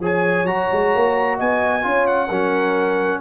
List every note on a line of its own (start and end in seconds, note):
0.00 0.43 F3
0.00 0.47 G#4
0.00 1.37 C#5
0.00 0.47 G#5
0.43 0.66 F#3
0.43 1.82 F#4
0.43 1.38 A#5
0.72 0.95 G#3
0.95 1.41 A#3
1.37 1.85 B3
1.37 1.83 D#5
1.37 2.07 G#5
1.82 2.30 C#4
1.82 2.28 F4
1.82 2.28 C#5
2.07 3.21 F#5
2.28 3.21 F#3
2.28 3.21 C#4
2.28 3.20 A#4